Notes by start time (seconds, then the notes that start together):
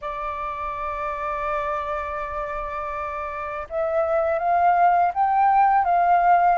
0.01 D5
3.69 E5
4.38 F5
5.14 G5
5.84 F5